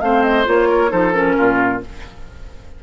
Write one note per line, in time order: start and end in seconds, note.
0.00 0.45 A3
0.00 0.45 C4
0.00 0.69 C5
0.00 0.23 F5
0.23 0.45 D#5
0.45 0.92 A#3
0.45 0.89 F4
0.45 0.91 C#5
0.69 0.90 A#4
0.89 1.37 F3
0.89 1.11 D#4
0.89 1.36 A4
0.89 1.12 C5
1.12 1.80 C#4
1.12 1.80 A#4
1.37 1.83 A#2
1.37 1.82 F4